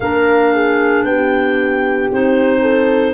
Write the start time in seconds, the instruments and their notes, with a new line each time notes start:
0.00 tuba A#3, clarinet D4 F5, horn A#4
0.54 horn G#4
1.04 tuba B3, horn G4, clarinet G5
2.11 tuba C4, clarinet D#4 C5
2.61 horn A4